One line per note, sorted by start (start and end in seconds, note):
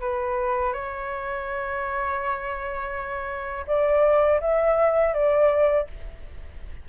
0.00 0.73 B4
0.73 3.66 C#5
3.67 4.40 D5
4.40 5.14 E5
5.14 5.87 D5